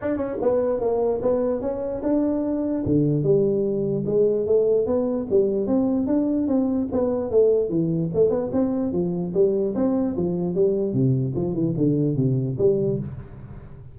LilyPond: \new Staff \with { instrumentName = "tuba" } { \time 4/4 \tempo 4 = 148 d'8 cis'8 b4 ais4 b4 | cis'4 d'2 d4 | g2 gis4 a4 | b4 g4 c'4 d'4 |
c'4 b4 a4 e4 | a8 b8 c'4 f4 g4 | c'4 f4 g4 c4 | f8 e8 d4 c4 g4 | }